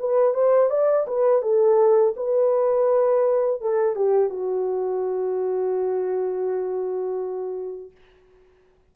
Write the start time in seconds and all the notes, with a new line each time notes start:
0.00 B4
0.34 C5
0.70 D5
1.07 B4
1.42 A4
2.17 B4
3.61 A4
3.96 G4
4.30 F#4